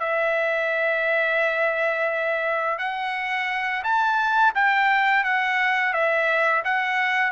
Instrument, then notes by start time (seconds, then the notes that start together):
trumpet
0.00 E5
2.79 F#5
3.84 A5
4.55 G5
5.25 F#5
5.94 E5
6.65 F#5